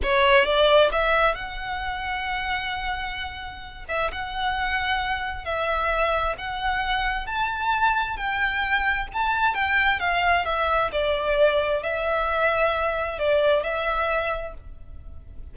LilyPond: \new Staff \with { instrumentName = "violin" } { \time 4/4 \tempo 4 = 132 cis''4 d''4 e''4 fis''4~ | fis''1~ | fis''8 e''8 fis''2. | e''2 fis''2 |
a''2 g''2 | a''4 g''4 f''4 e''4 | d''2 e''2~ | e''4 d''4 e''2 | }